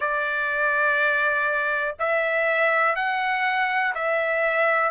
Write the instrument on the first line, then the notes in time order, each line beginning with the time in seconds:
trumpet
0.00 D5
1.99 E5
2.95 F#5
3.94 E5